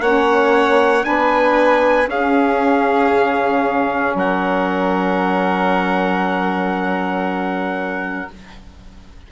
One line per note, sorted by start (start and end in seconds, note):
0.00 1.03 A#3
0.00 1.01 C#4
0.00 1.05 C#5
0.00 1.04 F#5
1.01 2.04 D4
1.01 2.09 B4
1.01 2.08 G#5
1.08 2.07 B3
2.06 8.27 C#4
2.06 3.10 C#4
2.06 4.16 G#4
2.06 4.17 F5
3.12 4.14 C#3
4.14 8.28 F#3
4.14 8.30 A#4
4.14 8.31 F#5